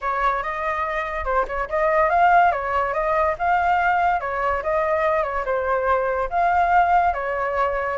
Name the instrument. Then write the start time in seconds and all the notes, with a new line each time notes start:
flute
0.01 C#5
0.42 D#5
1.24 C5
1.47 C#5
1.69 D#5
2.09 F5
2.51 C#5
2.93 D#5
3.38 F5
4.20 C#5
4.62 D#5
5.23 C#5
5.45 C5
6.29 F5
7.13 C#5